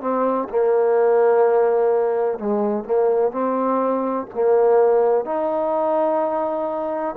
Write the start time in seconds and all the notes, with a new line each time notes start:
0.00 C4
0.49 A#3
2.38 G#3
2.84 A#3
3.31 C4
4.34 A#3
5.25 D#4